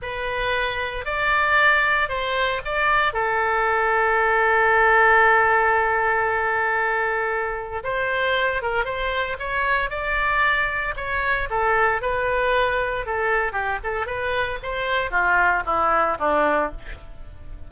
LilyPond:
\new Staff \with { instrumentName = "oboe" } { \time 4/4 \tempo 4 = 115 b'2 d''2 | c''4 d''4 a'2~ | a'1~ | a'2. c''4~ |
c''8 ais'8 c''4 cis''4 d''4~ | d''4 cis''4 a'4 b'4~ | b'4 a'4 g'8 a'8 b'4 | c''4 f'4 e'4 d'4 | }